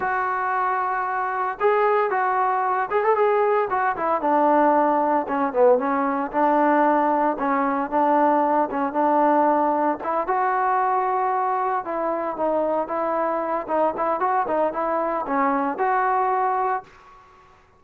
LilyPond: \new Staff \with { instrumentName = "trombone" } { \time 4/4 \tempo 4 = 114 fis'2. gis'4 | fis'4. gis'16 a'16 gis'4 fis'8 e'8 | d'2 cis'8 b8 cis'4 | d'2 cis'4 d'4~ |
d'8 cis'8 d'2 e'8 fis'8~ | fis'2~ fis'8 e'4 dis'8~ | dis'8 e'4. dis'8 e'8 fis'8 dis'8 | e'4 cis'4 fis'2 | }